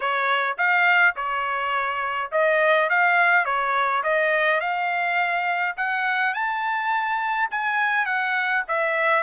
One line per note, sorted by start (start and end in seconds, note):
0.00 0.57 C#5
0.57 1.15 F5
1.15 2.31 C#5
2.31 2.89 D#5
2.89 3.45 F5
3.45 4.02 C#5
4.03 4.60 D#5
4.60 5.75 F5
5.76 6.33 F#5
6.33 7.49 A5
7.50 8.05 G#5
8.05 8.63 F#5
8.68 9.23 E5